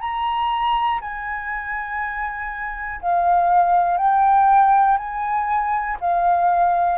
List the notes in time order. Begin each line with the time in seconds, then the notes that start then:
0.00 A#5
1.01 G#5
3.01 F5
3.97 G5
4.98 G#5
6.01 F5